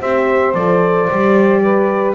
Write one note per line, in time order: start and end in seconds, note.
0.00 0.54 C4
0.00 0.55 G4
0.00 1.62 C5
0.00 0.54 E5
0.54 1.09 F3
0.54 1.11 A4
0.54 2.15 D5
1.10 2.15 G3
1.10 2.15 G4
1.62 2.15 B4